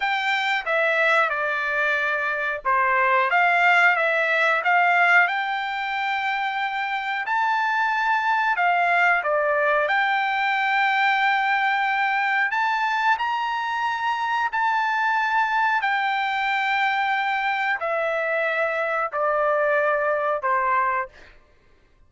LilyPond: \new Staff \with { instrumentName = "trumpet" } { \time 4/4 \tempo 4 = 91 g''4 e''4 d''2 | c''4 f''4 e''4 f''4 | g''2. a''4~ | a''4 f''4 d''4 g''4~ |
g''2. a''4 | ais''2 a''2 | g''2. e''4~ | e''4 d''2 c''4 | }